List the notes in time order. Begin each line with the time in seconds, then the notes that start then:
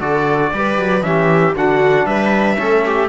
0.00 D3 F#4 A4 D5
0.53 G3 G4 B4
0.78 F#3
1.02 E3 C#4 G4 E5
1.55 D3 D4 F#4 F#5
2.05 G3 B4 E5
2.57 A3 C#4 A4
2.85 G4